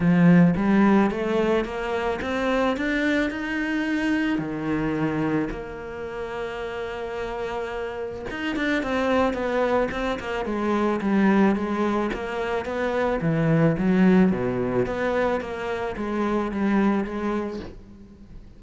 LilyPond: \new Staff \with { instrumentName = "cello" } { \time 4/4 \tempo 4 = 109 f4 g4 a4 ais4 | c'4 d'4 dis'2 | dis2 ais2~ | ais2. dis'8 d'8 |
c'4 b4 c'8 ais8 gis4 | g4 gis4 ais4 b4 | e4 fis4 b,4 b4 | ais4 gis4 g4 gis4 | }